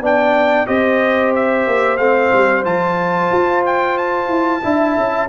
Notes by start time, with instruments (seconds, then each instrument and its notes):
0.00 tuba B3, trombone D4, horn D5, trumpet G5
0.66 tuba C4, trombone G4, horn C5, trumpet D#5
1.35 trumpet E5
1.67 tuba A#3
1.97 tuba A3, trombone C4, trumpet F5
2.32 tuba G3
2.64 tuba F3, trombone F4, trumpet A5
3.31 tuba F4
3.66 trumpet G5
3.97 trumpet A5
4.28 tuba E4
4.63 tuba D4, trombone E4, horn E5
4.97 tuba C#4